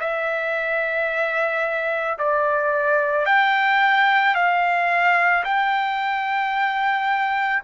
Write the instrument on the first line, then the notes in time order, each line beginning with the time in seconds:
trumpet
0.00 E5
2.19 D5
3.26 G5
4.35 F5
5.44 G5